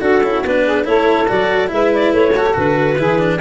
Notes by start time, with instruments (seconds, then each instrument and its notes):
0.00 tuba D4, saxophone F#4, cello F#4, clarinet A4
0.23 tuba C#4, cello E4
0.45 tuba B3, cello D4, clarinet B4
0.65 saxophone G#4
0.84 tuba A3, cello E4, saxophone A4, clarinet C#5
1.28 tuba F#3, cello F#4, clarinet D5
1.68 tuba G#3, cello E4, saxophone B4, clarinet E5
1.94 clarinet D5
2.13 tuba A3, clarinet C#5
2.34 cello F#4, saxophone A4
2.46 cello G4
2.54 tuba D3, cello F#4, clarinet B4
2.98 tuba E3, cello E4, saxophone G#4
3.19 cello D4